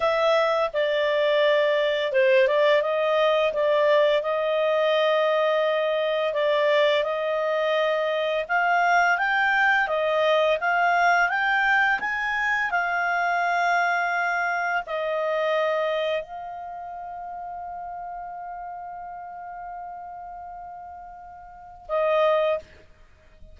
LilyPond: \new Staff \with { instrumentName = "clarinet" } { \time 4/4 \tempo 4 = 85 e''4 d''2 c''8 d''8 | dis''4 d''4 dis''2~ | dis''4 d''4 dis''2 | f''4 g''4 dis''4 f''4 |
g''4 gis''4 f''2~ | f''4 dis''2 f''4~ | f''1~ | f''2. dis''4 | }